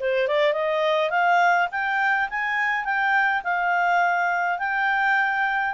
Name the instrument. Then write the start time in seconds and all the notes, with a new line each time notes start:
clarinet
0.00 C5
0.28 D5
0.53 D#5
1.10 F5
1.72 G5
2.30 G#5
2.85 G5
3.44 F5
4.59 G5